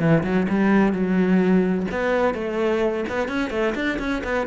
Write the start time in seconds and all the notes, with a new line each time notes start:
0.00 E3
0.24 F#3
0.49 G3
0.93 F#3
1.91 B3
2.35 A3
3.10 B3
3.29 C#4
3.51 A3
3.75 D4
4.00 C#4
4.24 B3